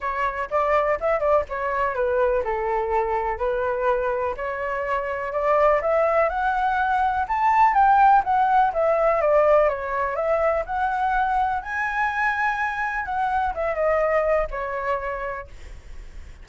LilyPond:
\new Staff \with { instrumentName = "flute" } { \time 4/4 \tempo 4 = 124 cis''4 d''4 e''8 d''8 cis''4 | b'4 a'2 b'4~ | b'4 cis''2 d''4 | e''4 fis''2 a''4 |
g''4 fis''4 e''4 d''4 | cis''4 e''4 fis''2 | gis''2. fis''4 | e''8 dis''4. cis''2 | }